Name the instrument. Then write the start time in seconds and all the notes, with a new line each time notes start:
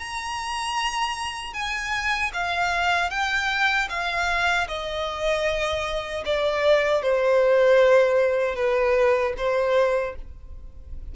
violin
0.00 A#5
1.54 G#5
2.34 F5
3.11 G5
3.90 F5
4.68 D#5
6.26 D5
7.03 C5
8.56 B4
9.38 C5